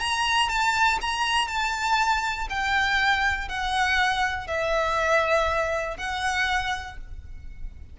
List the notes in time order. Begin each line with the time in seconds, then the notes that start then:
0.00 A#5
0.49 A5
1.02 A#5
1.48 A5
2.50 G5
3.49 F#5
4.48 E5
5.97 F#5